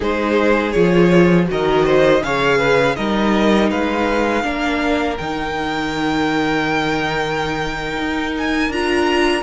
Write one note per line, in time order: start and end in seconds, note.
0.00 0.74 G#3
0.00 0.74 D#4
0.00 1.47 G#4
0.00 0.72 C5
0.72 1.49 F3
0.72 1.46 F4
0.72 1.46 C#5
1.46 2.22 D#3
1.46 2.20 F#4
1.46 1.85 A#4
1.46 2.23 D#5
1.85 2.22 C5
2.22 2.96 C#3
2.22 2.95 G#4
2.22 2.58 C#5
2.22 2.95 F5
2.58 2.95 B4
2.95 3.70 G3
2.95 4.42 D#4
2.95 3.69 A#4
2.95 3.69 D#5
3.69 4.43 G#3
3.69 4.44 B4
3.69 5.17 F5
4.42 5.17 A#3
4.42 5.16 D4
4.42 9.42 A#4
5.17 7.98 D#3
5.17 8.72 D#4
5.17 8.32 G5
7.98 8.68 D#4
8.37 8.72 G#5
8.68 9.42 D4
8.68 9.42 F4
8.68 9.42 A#5